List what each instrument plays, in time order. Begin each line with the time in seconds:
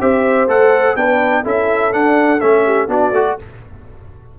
0.00 tuba C4, trombone G4, horn C5, trumpet E5
0.47 tuba A3, trombone A4, trumpet F#5
0.96 tuba B3, trombone D4, horn B4, trumpet G5
1.43 tuba C#4, trombone E4, horn A4, trumpet E5
1.91 trombone D4, tuba D4, trumpet F#5
2.40 tuba A3, trombone C#4, trumpet E5
2.65 horn G4
2.87 tuba B3, trombone D4, horn F#4, trumpet D5
3.11 tuba A3, trombone F#4